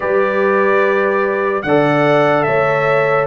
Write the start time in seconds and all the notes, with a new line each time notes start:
0.00 G3 G4 B4 D5
1.62 D3 A4 D5 F#5
2.43 A3 C#5 E5